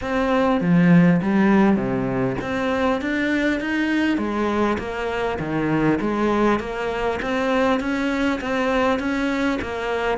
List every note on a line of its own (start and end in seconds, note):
0.01 0.60 C4
0.60 1.20 F3
1.22 1.76 G3
1.76 2.36 C3
2.41 3.01 C4
3.01 3.60 D4
3.60 4.17 D#4
4.17 4.77 G#3
4.78 5.38 A#3
5.39 5.99 D#3
6.00 6.59 G#3
6.59 7.19 A#3
7.21 7.80 C4
7.80 8.40 C#4
8.40 8.99 C4
8.99 9.59 C#4
9.61 10.18 A#3